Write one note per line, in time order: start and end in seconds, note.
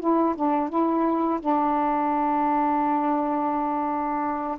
0.00 0.35 E4
0.36 0.70 D4
0.70 1.40 E4
1.41 4.59 D4